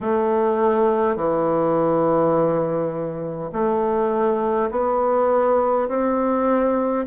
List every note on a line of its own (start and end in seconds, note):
0.01 1.16 A3
1.16 3.51 E3
3.52 4.70 A3
4.71 5.88 B3
5.88 7.06 C4